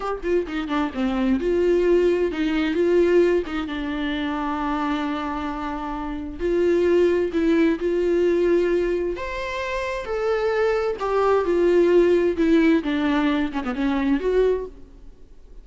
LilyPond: \new Staff \with { instrumentName = "viola" } { \time 4/4 \tempo 4 = 131 g'8 f'8 dis'8 d'8 c'4 f'4~ | f'4 dis'4 f'4. dis'8 | d'1~ | d'2 f'2 |
e'4 f'2. | c''2 a'2 | g'4 f'2 e'4 | d'4. cis'16 b16 cis'4 fis'4 | }